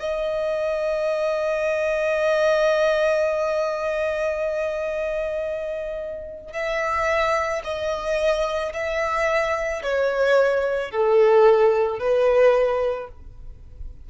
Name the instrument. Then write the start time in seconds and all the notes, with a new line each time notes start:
violin
0.00 D#5
6.53 E5
7.64 D#5
8.74 E5
9.83 C#5
10.91 A4
12.00 B4